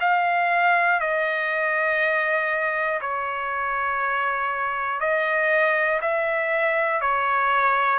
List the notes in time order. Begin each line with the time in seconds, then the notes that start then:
0.00 F5
1.00 D#5
3.01 C#5
5.00 D#5
6.01 E5
7.00 C#5